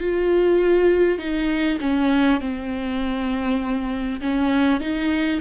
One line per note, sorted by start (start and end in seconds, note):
0.00 1.18 F4
1.18 1.78 D#4
1.81 2.41 C#4
2.41 4.21 C4
4.21 4.81 C#4
4.81 5.41 D#4